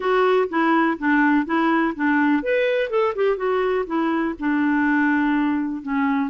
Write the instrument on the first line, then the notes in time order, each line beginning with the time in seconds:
clarinet
0.00 F#4
0.49 E4
0.98 D4
1.45 E4
1.95 D4
2.42 B4
2.89 A4
3.15 G4
3.37 F#4
3.86 E4
4.39 D4
5.82 C#4